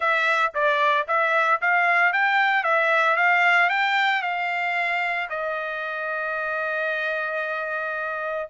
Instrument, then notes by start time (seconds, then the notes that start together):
trumpet
0.00 E5
0.54 D5
1.07 E5
1.61 F5
2.12 G5
2.63 E5
3.16 F5
3.69 G5
4.22 F5
5.29 D#5